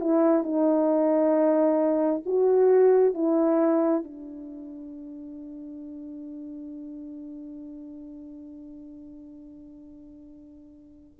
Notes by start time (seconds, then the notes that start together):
0.00 E4
0.43 D#4
2.25 F#4
3.13 E4
4.03 D4